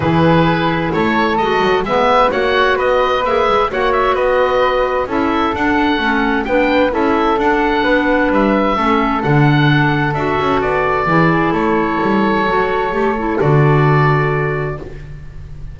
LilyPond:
<<
  \new Staff \with { instrumentName = "oboe" } { \time 4/4 \tempo 4 = 130 b'2 cis''4 dis''4 | e''4 fis''4 dis''4 e''4 | fis''8 e''8 dis''2 e''4 | fis''2 g''4 e''4 |
fis''2 e''2 | fis''2 e''4 d''4~ | d''4 cis''2.~ | cis''4 d''2. | }
  \new Staff \with { instrumentName = "flute" } { \time 4/4 gis'2 a'2 | b'4 cis''4 b'2 | cis''4 b'2 a'4~ | a'2 b'4 a'4~ |
a'4 b'2 a'4~ | a'1 | gis'4 a'2.~ | a'1 | }
  \new Staff \with { instrumentName = "clarinet" } { \time 4/4 e'2. fis'4 | b4 fis'2 gis'4 | fis'2. e'4 | d'4 cis'4 d'4 e'4 |
d'2. cis'4 | d'2 fis'2 | e'2. fis'4 | g'8 e'8 fis'2. | }
  \new Staff \with { instrumentName = "double bass" } { \time 4/4 e2 a4 gis8 fis8 | gis4 ais4 b4 ais8 gis8 | ais4 b2 cis'4 | d'4 a4 b4 cis'4 |
d'4 b4 g4 a4 | d2 d'8 cis'8 b4 | e4 a4 g4 fis4 | a4 d2. | }
>>